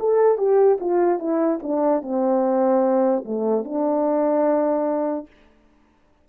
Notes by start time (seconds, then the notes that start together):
0.00 A4
0.38 G4
0.81 F4
1.19 E4
1.63 D4
2.02 C4
3.25 A3
3.64 D4